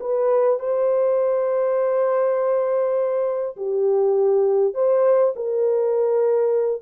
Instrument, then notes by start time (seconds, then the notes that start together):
horn
0.00 B4
0.59 C5
3.56 G4
4.74 C5
5.35 A#4